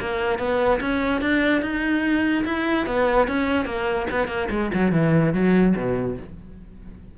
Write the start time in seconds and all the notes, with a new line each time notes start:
0.00 A#3
0.38 B3
0.80 C#4
1.21 D4
1.61 D#4
2.45 E4
2.86 B3
3.27 C#4
3.65 A#3
4.11 B3
4.27 A#3
4.50 G#3
4.74 F#3
4.92 E3
5.33 F#3
5.76 B2